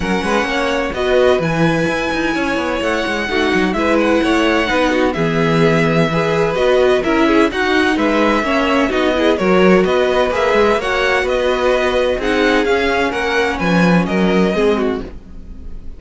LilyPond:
<<
  \new Staff \with { instrumentName = "violin" } { \time 4/4 \tempo 4 = 128 fis''2 dis''4 gis''4~ | gis''2 fis''2 | e''8 fis''2~ fis''8 e''4~ | e''2 dis''4 e''4 |
fis''4 e''2 dis''4 | cis''4 dis''4 e''4 fis''4 | dis''2 fis''4 f''4 | fis''4 gis''4 dis''2 | }
  \new Staff \with { instrumentName = "violin" } { \time 4/4 ais'8 b'8 cis''4 b'2~ | b'4 cis''2 fis'4 | b'4 cis''4 b'8 fis'8 gis'4~ | gis'4 b'2 ais'8 gis'8 |
fis'4 b'4 cis''4 fis'8 gis'8 | ais'4 b'2 cis''4 | b'2 gis'2 | ais'4 b'4 ais'4 gis'8 fis'8 | }
  \new Staff \with { instrumentName = "viola" } { \time 4/4 cis'2 fis'4 e'4~ | e'2. dis'4 | e'2 dis'4 b4~ | b4 gis'4 fis'4 e'4 |
dis'2 cis'4 dis'8 e'8 | fis'2 gis'4 fis'4~ | fis'2 dis'4 cis'4~ | cis'2. c'4 | }
  \new Staff \with { instrumentName = "cello" } { \time 4/4 fis8 gis8 ais4 b4 e4 | e'8 dis'8 cis'8 b8 a8 gis8 a8 fis8 | gis4 a4 b4 e4~ | e2 b4 cis'4 |
dis'4 gis4 ais4 b4 | fis4 b4 ais8 gis8 ais4 | b2 c'4 cis'4 | ais4 f4 fis4 gis4 | }
>>